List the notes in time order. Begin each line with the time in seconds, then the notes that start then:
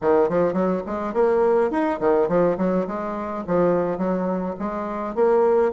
0.01 D#3
0.29 F3
0.53 F#3
0.86 G#3
1.13 A#3
1.71 D#4
2.00 D#3
2.28 F3
2.57 F#3
2.87 G#3
3.47 F3
3.97 F#3
4.59 G#3
5.15 A#3